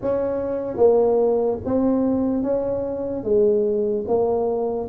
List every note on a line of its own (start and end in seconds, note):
0.01 0.77 C#4
0.77 1.58 A#3
1.65 2.42 C4
2.42 3.23 C#4
3.23 4.04 G#3
4.07 4.88 A#3